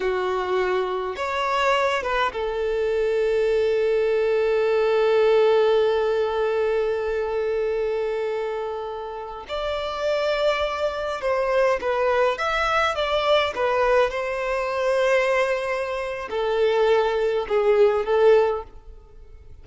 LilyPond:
\new Staff \with { instrumentName = "violin" } { \time 4/4 \tempo 4 = 103 fis'2 cis''4. b'8 | a'1~ | a'1~ | a'1~ |
a'16 d''2. c''8.~ | c''16 b'4 e''4 d''4 b'8.~ | b'16 c''2.~ c''8. | a'2 gis'4 a'4 | }